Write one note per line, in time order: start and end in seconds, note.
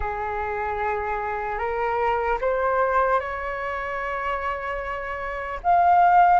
0.00 1.58 G#4
1.58 2.38 A#4
2.40 3.20 C5
3.20 5.60 C#5
5.63 6.39 F5